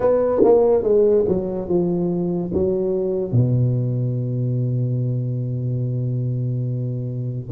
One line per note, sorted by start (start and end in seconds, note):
0.00 0.42 B3
0.44 0.83 A#3
0.83 1.25 G#3
1.27 1.68 F#3
1.68 2.51 F3
2.53 3.32 F#3
3.32 7.48 B2